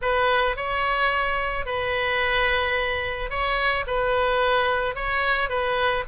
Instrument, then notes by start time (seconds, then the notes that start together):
oboe
0.01 B4
0.56 C#5
1.65 B4
3.30 C#5
3.86 B4
4.95 C#5
5.49 B4